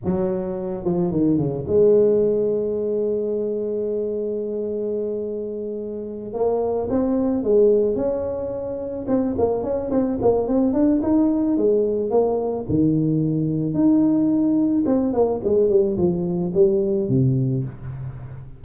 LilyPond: \new Staff \with { instrumentName = "tuba" } { \time 4/4 \tempo 4 = 109 fis4. f8 dis8 cis8 gis4~ | gis1~ | gis2.~ gis8 ais8~ | ais8 c'4 gis4 cis'4.~ |
cis'8 c'8 ais8 cis'8 c'8 ais8 c'8 d'8 | dis'4 gis4 ais4 dis4~ | dis4 dis'2 c'8 ais8 | gis8 g8 f4 g4 c4 | }